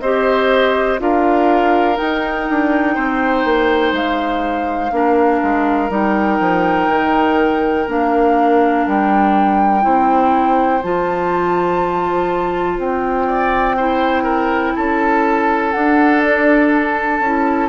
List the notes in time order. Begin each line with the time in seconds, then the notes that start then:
0.00 C4 G4 C5 D#5
0.98 D4 F4 A#4 F5
1.94 D#4 G5
2.01 D#4
2.49 D4
2.94 C4 C5
3.44 A#3
3.92 G#3 F5
4.91 A#3 D4 A#4
5.42 G#3
5.89 G3 D#4 G5
6.39 F3
6.88 D#3
7.87 A#3 D4 F5
8.85 G3 G5
9.81 C4 E4 C5
10.82 F3 F4 A5
12.78 C4 G5
13.26 D5
13.76 E4 C5
14.23 A#4
14.75 C#4 A4 A5
15.71 D4 F#5
16.21 D5
16.74 A5
17.19 C#4 E4